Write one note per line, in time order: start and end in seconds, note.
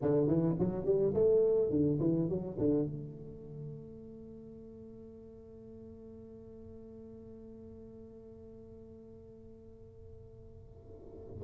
0.01 0.27 D3
0.27 0.55 E3
0.59 0.85 F#3
0.85 1.13 G3
1.14 1.70 A3
1.70 1.98 D3
2.00 2.28 E3
2.28 2.57 F#3
2.58 2.86 D3
2.86 11.43 A3